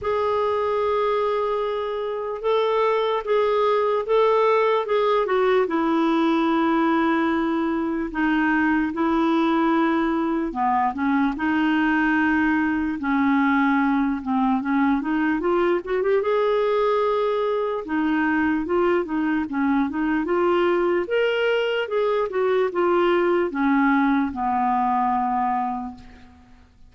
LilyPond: \new Staff \with { instrumentName = "clarinet" } { \time 4/4 \tempo 4 = 74 gis'2. a'4 | gis'4 a'4 gis'8 fis'8 e'4~ | e'2 dis'4 e'4~ | e'4 b8 cis'8 dis'2 |
cis'4. c'8 cis'8 dis'8 f'8 fis'16 g'16 | gis'2 dis'4 f'8 dis'8 | cis'8 dis'8 f'4 ais'4 gis'8 fis'8 | f'4 cis'4 b2 | }